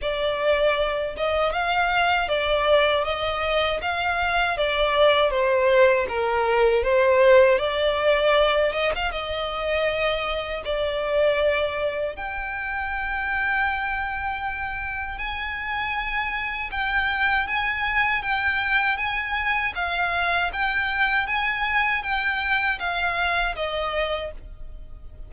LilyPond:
\new Staff \with { instrumentName = "violin" } { \time 4/4 \tempo 4 = 79 d''4. dis''8 f''4 d''4 | dis''4 f''4 d''4 c''4 | ais'4 c''4 d''4. dis''16 f''16 | dis''2 d''2 |
g''1 | gis''2 g''4 gis''4 | g''4 gis''4 f''4 g''4 | gis''4 g''4 f''4 dis''4 | }